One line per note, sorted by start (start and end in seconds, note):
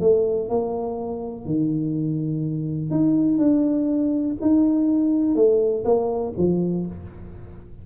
0.00 0.49 A3
0.49 1.45 A#3
1.45 2.91 D#3
2.91 3.38 D#4
3.38 4.36 D4
4.41 5.35 D#4
5.35 5.84 A3
5.84 6.33 A#3
6.37 6.86 F3